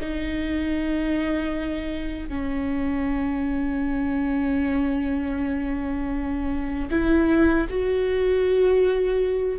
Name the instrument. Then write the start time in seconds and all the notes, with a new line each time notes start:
viola
0.00 D#4
2.28 C#4
6.90 E4
7.69 F#4